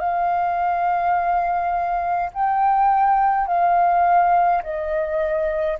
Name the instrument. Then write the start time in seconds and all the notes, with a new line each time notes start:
flute
0.00 F5
2.33 G5
3.47 F5
4.63 D#5